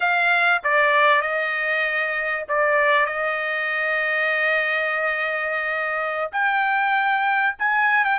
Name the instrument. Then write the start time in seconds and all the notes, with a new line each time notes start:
trumpet
0.00 F5
0.63 D5
1.21 D#5
2.48 D5
3.06 D#5
6.31 G5
7.59 G#5
8.04 G5